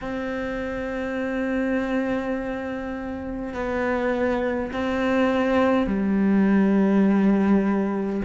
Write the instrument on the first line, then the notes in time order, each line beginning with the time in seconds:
cello
0.01 C4
3.53 B3
4.72 C4
5.86 G3